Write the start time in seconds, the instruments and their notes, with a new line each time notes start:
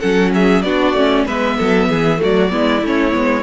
0.00 cello F#3, viola C#4, violin A4 F#5
0.34 violin G#4 E5
0.62 cello B3, viola D4, violin F#4 D5
0.94 cello A3, viola C#4
1.26 cello G#3, viola B3, violin B4 E5
1.58 cello F#3, violin A4
1.89 cello E3, violin G#4
2.18 viola A3, violin F#4
2.24 cello F#3, violin D5
2.51 cello G#3, viola B3, violin E4
2.83 cello A3, viola C#4, violin C#5
3.12 cello G#3, viola B3